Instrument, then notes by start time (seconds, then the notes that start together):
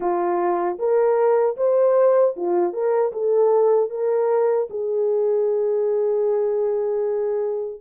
horn
0.00 F4
0.78 A#4
1.57 C5
2.36 F4
2.73 A#4
3.12 A4
3.90 A#4
4.70 G#4